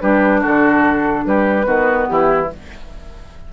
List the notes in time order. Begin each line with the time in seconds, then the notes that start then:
0.00 G3 D4 G4 B4
0.40 D3 F#4 A4
1.25 G3 G4 B4
1.64 D#3 B3 F#4
2.07 E3 E4 G4